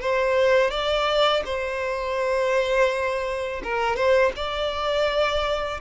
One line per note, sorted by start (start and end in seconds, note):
0.00 0.70 C5
0.70 1.42 D5
1.45 3.62 C5
3.63 3.96 A#4
3.96 4.32 C5
4.35 5.80 D5